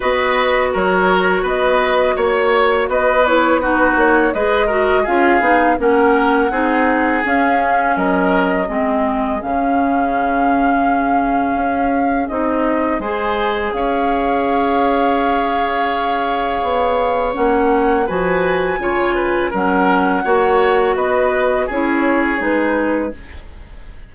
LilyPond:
<<
  \new Staff \with { instrumentName = "flute" } { \time 4/4 \tempo 4 = 83 dis''4 cis''4 dis''4 cis''4 | dis''8 cis''8 b'8 cis''8 dis''4 f''4 | fis''2 f''4 dis''4~ | dis''4 f''2.~ |
f''4 dis''4 gis''4 f''4~ | f''1 | fis''4 gis''2 fis''4~ | fis''4 dis''4 cis''4 b'4 | }
  \new Staff \with { instrumentName = "oboe" } { \time 4/4 b'4 ais'4 b'4 cis''4 | b'4 fis'4 b'8 ais'8 gis'4 | ais'4 gis'2 ais'4 | gis'1~ |
gis'2 c''4 cis''4~ | cis''1~ | cis''4 b'4 cis''8 b'8 ais'4 | cis''4 b'4 gis'2 | }
  \new Staff \with { instrumentName = "clarinet" } { \time 4/4 fis'1~ | fis'8 e'8 dis'4 gis'8 fis'8 f'8 dis'8 | cis'4 dis'4 cis'2 | c'4 cis'2.~ |
cis'4 dis'4 gis'2~ | gis'1 | cis'4 fis'4 f'4 cis'4 | fis'2 e'4 dis'4 | }
  \new Staff \with { instrumentName = "bassoon" } { \time 4/4 b4 fis4 b4 ais4 | b4. ais8 gis4 cis'8 b8 | ais4 c'4 cis'4 fis4 | gis4 cis2. |
cis'4 c'4 gis4 cis'4~ | cis'2. b4 | ais4 f4 cis4 fis4 | ais4 b4 cis'4 gis4 | }
>>